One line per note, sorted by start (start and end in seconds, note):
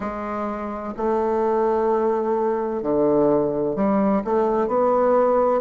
0.00 0.94 G#3
0.96 2.82 A3
2.82 3.75 D3
3.75 4.22 G3
4.24 4.67 A3
4.67 5.61 B3